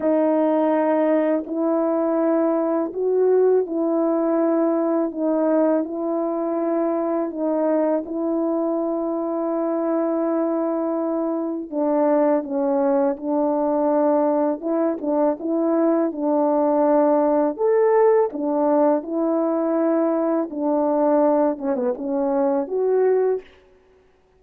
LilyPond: \new Staff \with { instrumentName = "horn" } { \time 4/4 \tempo 4 = 82 dis'2 e'2 | fis'4 e'2 dis'4 | e'2 dis'4 e'4~ | e'1 |
d'4 cis'4 d'2 | e'8 d'8 e'4 d'2 | a'4 d'4 e'2 | d'4. cis'16 b16 cis'4 fis'4 | }